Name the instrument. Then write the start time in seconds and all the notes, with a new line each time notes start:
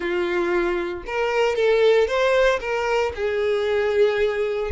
violin
0.00 F4
1.06 A#4
1.55 A4
2.07 C5
2.60 A#4
3.15 G#4